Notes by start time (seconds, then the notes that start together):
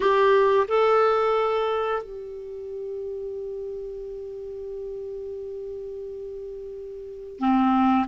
0.00 G4
0.67 A4
2.02 G4
7.39 C4